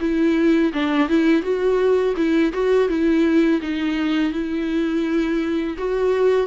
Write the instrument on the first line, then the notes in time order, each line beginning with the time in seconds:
viola
0.00 E4
0.73 D4
1.09 E4
1.42 F#4
2.17 E4
2.53 F#4
2.88 E4
3.61 D#4
4.32 E4
5.78 F#4